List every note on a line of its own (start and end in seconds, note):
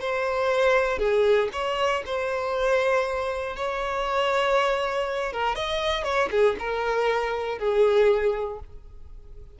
0.00 0.98 C5
0.98 1.49 G#4
1.52 2.03 C#5
2.05 3.56 C5
3.56 5.32 C#5
5.32 5.55 A#4
5.55 6.03 D#5
6.03 6.29 C#5
6.31 6.56 G#4
6.59 7.58 A#4
7.58 8.59 G#4